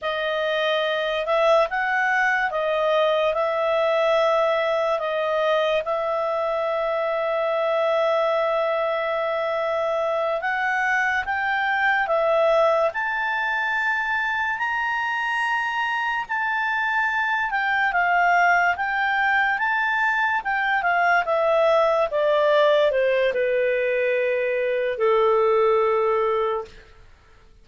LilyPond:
\new Staff \with { instrumentName = "clarinet" } { \time 4/4 \tempo 4 = 72 dis''4. e''8 fis''4 dis''4 | e''2 dis''4 e''4~ | e''1~ | e''8 fis''4 g''4 e''4 a''8~ |
a''4. ais''2 a''8~ | a''4 g''8 f''4 g''4 a''8~ | a''8 g''8 f''8 e''4 d''4 c''8 | b'2 a'2 | }